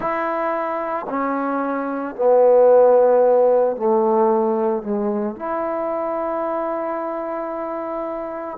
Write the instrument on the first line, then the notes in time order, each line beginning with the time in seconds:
trombone
0.00 E4
1.09 C#4
2.15 B3
3.76 A3
4.83 G#3
5.36 E4